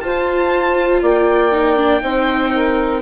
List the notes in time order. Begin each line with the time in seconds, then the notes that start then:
0.00 F4 C5 A5
1.01 A#3 D5 G5
1.51 D#4
1.76 D4
2.00 C4 D#4 C5
2.53 A#4